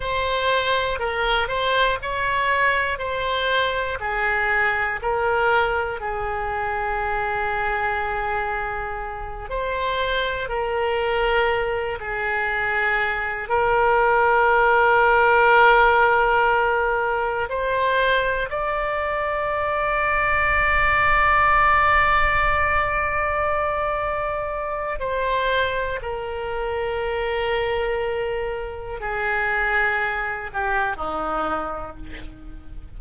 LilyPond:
\new Staff \with { instrumentName = "oboe" } { \time 4/4 \tempo 4 = 60 c''4 ais'8 c''8 cis''4 c''4 | gis'4 ais'4 gis'2~ | gis'4. c''4 ais'4. | gis'4. ais'2~ ais'8~ |
ais'4. c''4 d''4.~ | d''1~ | d''4 c''4 ais'2~ | ais'4 gis'4. g'8 dis'4 | }